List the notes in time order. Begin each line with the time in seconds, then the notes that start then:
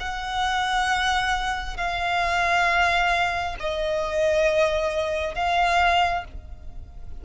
0.00 F#5
1.77 F5
3.60 D#5
5.34 F5